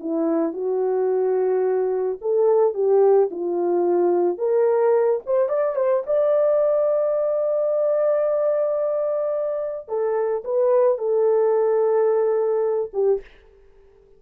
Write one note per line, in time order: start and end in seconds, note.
0.00 0.53 E4
0.53 2.18 F#4
2.21 2.74 A4
2.74 3.29 G4
3.31 4.38 F4
4.38 5.20 A#4
5.26 5.49 C5
5.49 5.75 D5
5.75 6.03 C5
6.06 9.88 D5
9.88 10.43 A4
10.44 10.98 B4
10.98 12.91 A4
12.93 13.21 G4